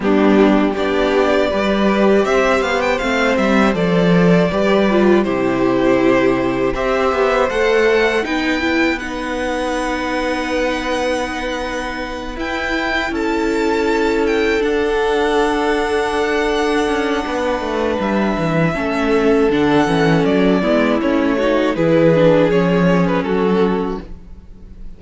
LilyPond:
<<
  \new Staff \with { instrumentName = "violin" } { \time 4/4 \tempo 4 = 80 g'4 d''2 e''8 f''16 g''16 | f''8 e''8 d''2 c''4~ | c''4 e''4 fis''4 g''4 | fis''1~ |
fis''8 g''4 a''4. g''8 fis''8~ | fis''1 | e''2 fis''4 d''4 | cis''4 b'4 cis''8. b'16 a'4 | }
  \new Staff \with { instrumentName = "violin" } { \time 4/4 d'4 g'4 b'4 c''4~ | c''2 b'4 g'4~ | g'4 c''2 b'4~ | b'1~ |
b'4. a'2~ a'8~ | a'2. b'4~ | b'4 a'2~ a'8 e'8~ | e'8 fis'8 gis'2 fis'4 | }
  \new Staff \with { instrumentName = "viola" } { \time 4/4 b4 d'4 g'2 | c'4 a'4 g'8 f'8 e'4~ | e'4 g'4 a'4 dis'8 e'8 | dis'1~ |
dis'8 e'2. d'8~ | d'1~ | d'4 cis'4 d'8 cis'4 b8 | cis'8 dis'8 e'8 d'8 cis'2 | }
  \new Staff \with { instrumentName = "cello" } { \time 4/4 g4 b4 g4 c'8 b8 | a8 g8 f4 g4 c4~ | c4 c'8 b8 a4 b4~ | b1~ |
b8 e'4 cis'2 d'8~ | d'2~ d'8 cis'8 b8 a8 | g8 e8 a4 d8 e8 fis8 gis8 | a4 e4 f4 fis4 | }
>>